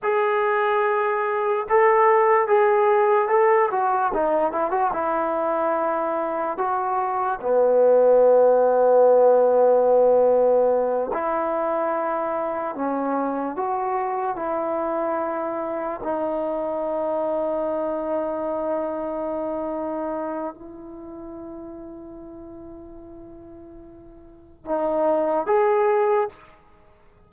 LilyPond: \new Staff \with { instrumentName = "trombone" } { \time 4/4 \tempo 4 = 73 gis'2 a'4 gis'4 | a'8 fis'8 dis'8 e'16 fis'16 e'2 | fis'4 b2.~ | b4. e'2 cis'8~ |
cis'8 fis'4 e'2 dis'8~ | dis'1~ | dis'4 e'2.~ | e'2 dis'4 gis'4 | }